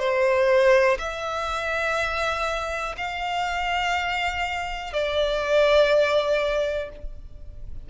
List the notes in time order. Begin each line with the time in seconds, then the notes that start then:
0.00 C5
0.99 E5
2.98 F5
4.93 D5